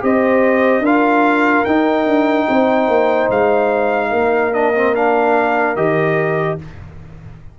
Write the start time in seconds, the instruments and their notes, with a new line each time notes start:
0.00 tuba C4, trombone G4, horn C5, trumpet D#5
0.80 tuba D4, trombone F4, horn A#4, trumpet F5
1.65 tuba D#4, trombone D#4, trumpet G5
2.05 tuba D4
2.48 tuba C4, horn C5
2.88 tuba A#3
3.30 tuba G#3, trumpet F5
4.10 tuba A#3, horn A#4
4.53 trombone D4, trumpet D#5
4.74 trombone C4
4.95 trombone D4, trumpet F5
5.76 tuba D#3, trombone G4, trumpet D#5